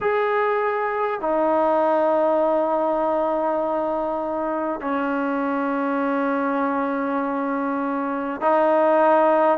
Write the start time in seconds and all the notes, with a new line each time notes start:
0.01 G#4
1.20 D#4
4.81 C#4
8.41 D#4